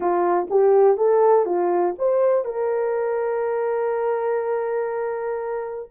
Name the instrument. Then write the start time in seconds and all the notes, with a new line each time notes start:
horn
0.00 F4
0.50 G4
0.97 A4
1.45 F4
1.98 C5
2.44 A#4